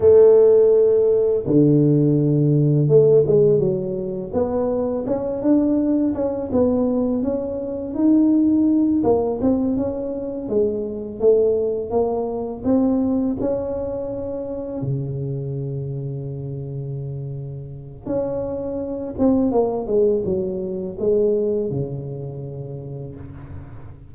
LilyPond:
\new Staff \with { instrumentName = "tuba" } { \time 4/4 \tempo 4 = 83 a2 d2 | a8 gis8 fis4 b4 cis'8 d'8~ | d'8 cis'8 b4 cis'4 dis'4~ | dis'8 ais8 c'8 cis'4 gis4 a8~ |
a8 ais4 c'4 cis'4.~ | cis'8 cis2.~ cis8~ | cis4 cis'4. c'8 ais8 gis8 | fis4 gis4 cis2 | }